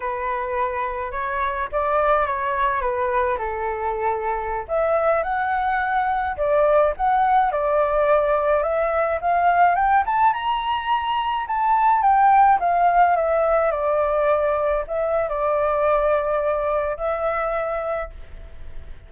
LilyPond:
\new Staff \with { instrumentName = "flute" } { \time 4/4 \tempo 4 = 106 b'2 cis''4 d''4 | cis''4 b'4 a'2~ | a'16 e''4 fis''2 d''8.~ | d''16 fis''4 d''2 e''8.~ |
e''16 f''4 g''8 a''8 ais''4.~ ais''16~ | ais''16 a''4 g''4 f''4 e''8.~ | e''16 d''2 e''8. d''4~ | d''2 e''2 | }